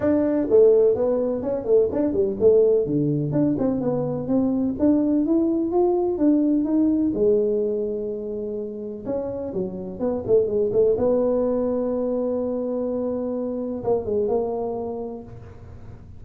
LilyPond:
\new Staff \with { instrumentName = "tuba" } { \time 4/4 \tempo 4 = 126 d'4 a4 b4 cis'8 a8 | d'8 g8 a4 d4 d'8 c'8 | b4 c'4 d'4 e'4 | f'4 d'4 dis'4 gis4~ |
gis2. cis'4 | fis4 b8 a8 gis8 a8 b4~ | b1~ | b4 ais8 gis8 ais2 | }